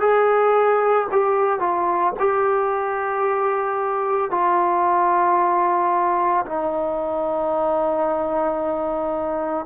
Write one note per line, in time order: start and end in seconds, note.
0.00 1.07 G#4
1.11 1.59 G4
1.59 2.13 F4
2.19 4.31 G4
4.31 6.45 F4
6.45 9.65 D#4